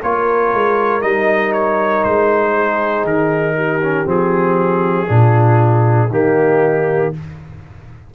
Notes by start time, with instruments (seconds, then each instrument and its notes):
0.00 tuba A#3, trombone F4, horn A#4, trumpet C#5
0.54 tuba G#3
1.01 tuba G3, trombone D#4, trumpet D#5
1.53 trumpet C#5
2.04 tuba G#3, trumpet C5
2.53 horn G#4
3.04 tuba D#3, trumpet A#4
3.56 horn G4
3.83 trombone C#4
4.05 tuba F3, trombone C4, trumpet G#4
5.07 tuba A#2, trombone D4, horn F4
6.08 tuba D#3, trombone A#3, horn D#4, trumpet G4